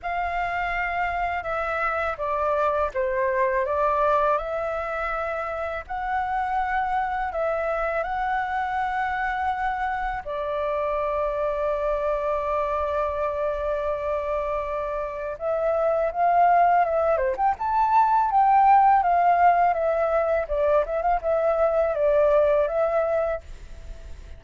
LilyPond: \new Staff \with { instrumentName = "flute" } { \time 4/4 \tempo 4 = 82 f''2 e''4 d''4 | c''4 d''4 e''2 | fis''2 e''4 fis''4~ | fis''2 d''2~ |
d''1~ | d''4 e''4 f''4 e''8 c''16 g''16 | a''4 g''4 f''4 e''4 | d''8 e''16 f''16 e''4 d''4 e''4 | }